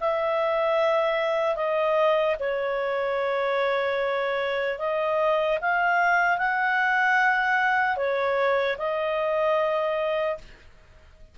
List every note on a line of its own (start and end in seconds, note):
0.00 1.55 E5
1.55 2.35 D#5
2.39 4.79 C#5
4.79 5.59 D#5
5.61 6.37 F5
6.37 7.96 F#5
7.96 8.76 C#5
8.77 10.37 D#5